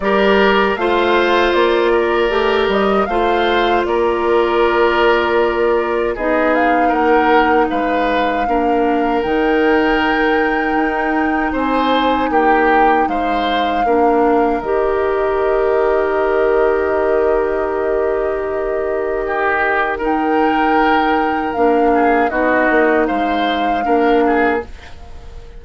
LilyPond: <<
  \new Staff \with { instrumentName = "flute" } { \time 4/4 \tempo 4 = 78 d''4 f''4 d''4. dis''8 | f''4 d''2. | dis''8 f''8 fis''4 f''2 | g''2. gis''4 |
g''4 f''2 dis''4~ | dis''1~ | dis''2 g''2 | f''4 dis''4 f''2 | }
  \new Staff \with { instrumentName = "oboe" } { \time 4/4 ais'4 c''4. ais'4. | c''4 ais'2. | gis'4 ais'4 b'4 ais'4~ | ais'2. c''4 |
g'4 c''4 ais'2~ | ais'1~ | ais'4 g'4 ais'2~ | ais'8 gis'8 fis'4 c''4 ais'8 gis'8 | }
  \new Staff \with { instrumentName = "clarinet" } { \time 4/4 g'4 f'2 g'4 | f'1 | dis'2. d'4 | dis'1~ |
dis'2 d'4 g'4~ | g'1~ | g'2 dis'2 | d'4 dis'2 d'4 | }
  \new Staff \with { instrumentName = "bassoon" } { \time 4/4 g4 a4 ais4 a8 g8 | a4 ais2. | b4 ais4 gis4 ais4 | dis2 dis'4 c'4 |
ais4 gis4 ais4 dis4~ | dis1~ | dis1 | ais4 b8 ais8 gis4 ais4 | }
>>